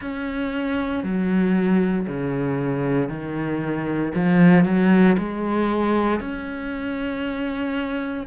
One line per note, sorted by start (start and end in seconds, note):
0.01 1.03 C#4
1.03 2.06 F#3
2.07 3.09 C#3
3.09 4.12 D#3
4.14 4.64 F3
4.64 5.16 F#3
5.18 6.20 G#3
6.20 8.27 C#4